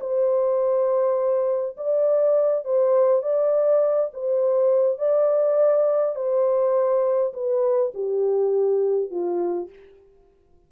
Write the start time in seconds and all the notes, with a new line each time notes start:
0.00 C5
1.77 D5
2.64 C5
3.22 D5
4.13 C5
4.98 D5
6.15 C5
7.33 B4
7.94 G4
9.10 F4